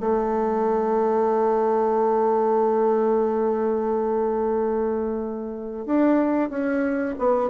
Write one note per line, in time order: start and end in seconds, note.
0.00 5.85 A3
5.85 6.50 D4
6.50 7.15 C#4
7.18 7.49 B3